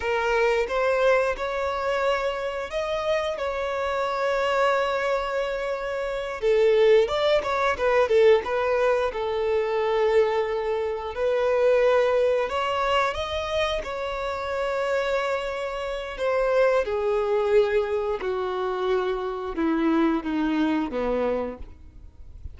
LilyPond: \new Staff \with { instrumentName = "violin" } { \time 4/4 \tempo 4 = 89 ais'4 c''4 cis''2 | dis''4 cis''2.~ | cis''4. a'4 d''8 cis''8 b'8 | a'8 b'4 a'2~ a'8~ |
a'8 b'2 cis''4 dis''8~ | dis''8 cis''2.~ cis''8 | c''4 gis'2 fis'4~ | fis'4 e'4 dis'4 b4 | }